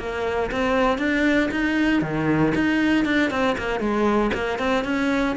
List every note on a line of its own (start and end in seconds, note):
0.00 0.51 A#3
0.52 0.99 C4
0.99 1.50 D4
1.51 2.02 D#4
2.02 2.54 D#3
2.55 3.05 D#4
3.05 3.31 D4
3.31 3.57 C4
3.58 3.80 A#3
3.80 4.32 G#3
4.34 4.59 A#3
4.59 4.85 C4
4.85 5.36 C#4